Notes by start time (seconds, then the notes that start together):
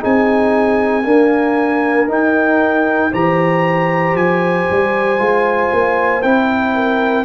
0.00 C4 D#4 G#4 G#5
1.04 A#3 D4 A#4
2.08 D#4 G5
3.12 E3 G4 C5 A#5
4.14 F3 G#5
4.71 G3
5.19 G#3 F4
5.73 A#3
6.22 C4 E4 G5
6.75 A#4